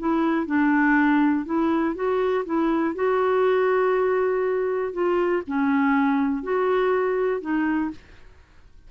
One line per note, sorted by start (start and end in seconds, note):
0.00 0.47 E4
0.47 1.46 D4
1.46 1.95 E4
1.95 2.45 F#4
2.46 2.95 E4
2.95 4.93 F#4
4.93 5.43 F4
5.47 6.43 C#4
6.43 7.42 F#4
7.42 7.91 D#4